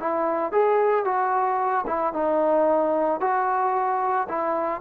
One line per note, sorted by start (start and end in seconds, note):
0.00 0.53 E4
0.53 1.05 G#4
1.05 1.86 F#4
1.87 2.14 E4
2.14 3.20 D#4
3.21 4.28 F#4
4.29 4.82 E4